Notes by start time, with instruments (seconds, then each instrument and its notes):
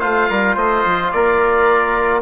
0.00 bassoon A3, trombone F4, trumpet C5, oboe F5
0.30 bassoon G3, trumpet A#4
0.55 bassoon A3, trumpet C5, oboe D#5
0.85 bassoon F3
1.12 bassoon A#3, trumpet A#4, oboe D5